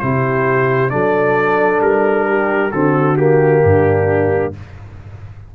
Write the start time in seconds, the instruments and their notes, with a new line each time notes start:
0.00 tuba C3, trombone E4, horn G4, trumpet C5
0.90 tuba F#3, trombone D4, horn A4, trumpet D5
1.80 tuba G3, trumpet A#4
2.29 horn G4
2.72 tuba D3, trombone C4, horn F#4, trumpet A4
3.18 trombone A#3, trumpet G4
3.64 tuba G2, horn D4